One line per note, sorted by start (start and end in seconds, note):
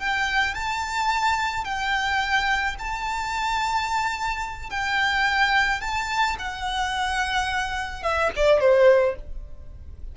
0.00 0.55 G5
0.55 1.65 A5
1.65 2.76 G5
2.79 4.71 A5
4.71 5.81 G5
5.81 6.37 A5
6.39 8.03 F#5
8.03 8.31 E5
8.36 8.60 D5
8.60 9.16 C5